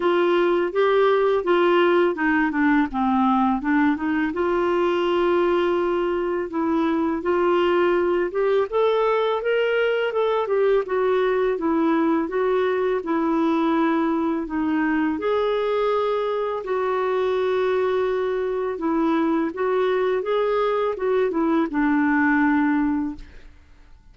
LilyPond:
\new Staff \with { instrumentName = "clarinet" } { \time 4/4 \tempo 4 = 83 f'4 g'4 f'4 dis'8 d'8 | c'4 d'8 dis'8 f'2~ | f'4 e'4 f'4. g'8 | a'4 ais'4 a'8 g'8 fis'4 |
e'4 fis'4 e'2 | dis'4 gis'2 fis'4~ | fis'2 e'4 fis'4 | gis'4 fis'8 e'8 d'2 | }